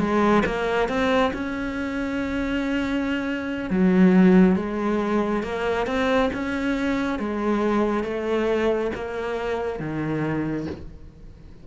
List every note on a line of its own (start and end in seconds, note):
0.00 0.43 G#3
0.46 0.89 A#3
0.89 1.32 C4
1.34 3.71 C#4
3.71 4.56 F#3
4.56 5.43 G#3
5.43 5.87 A#3
5.87 6.30 C4
6.34 7.19 C#4
7.19 8.04 G#3
8.04 8.91 A3
8.96 9.80 A#3
9.80 10.67 D#3